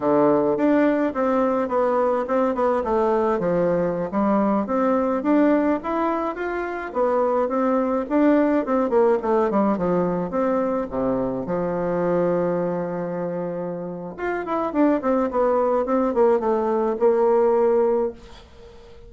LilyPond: \new Staff \with { instrumentName = "bassoon" } { \time 4/4 \tempo 4 = 106 d4 d'4 c'4 b4 | c'8 b8 a4 f4~ f16 g8.~ | g16 c'4 d'4 e'4 f'8.~ | f'16 b4 c'4 d'4 c'8 ais16~ |
ais16 a8 g8 f4 c'4 c8.~ | c16 f2.~ f8.~ | f4 f'8 e'8 d'8 c'8 b4 | c'8 ais8 a4 ais2 | }